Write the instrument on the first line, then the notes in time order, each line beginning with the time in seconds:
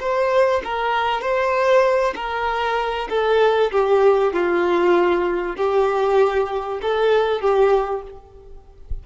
violin
0.00 C5
0.64 A#4
1.21 C5
2.15 A#4
3.09 A4
3.71 G4
4.33 F4
5.56 G4
6.82 A4
7.41 G4